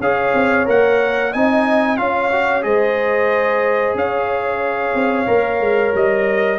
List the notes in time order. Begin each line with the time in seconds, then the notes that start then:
0.00 C#4 G#4 C#5 F5
0.34 C4
0.66 A#3 A#4 F#5
1.32 C4 D#4 D#5 G#5
1.97 C#4 F4 C#5 F5
2.32 F#4
2.62 G#3 G#4 C5 D#5
3.95 C#4 C#5 F5
4.95 C4
5.26 A#3 A#4
5.60 G#3
5.94 G3 D#5